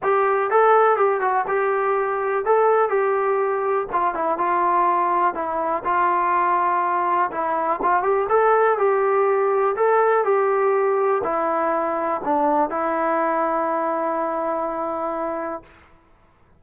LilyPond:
\new Staff \with { instrumentName = "trombone" } { \time 4/4 \tempo 4 = 123 g'4 a'4 g'8 fis'8 g'4~ | g'4 a'4 g'2 | f'8 e'8 f'2 e'4 | f'2. e'4 |
f'8 g'8 a'4 g'2 | a'4 g'2 e'4~ | e'4 d'4 e'2~ | e'1 | }